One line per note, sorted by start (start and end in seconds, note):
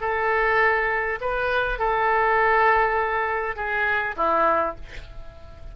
0.00 1.19 A4
1.20 1.78 B4
1.78 3.56 A4
3.56 4.15 G#4
4.16 4.75 E4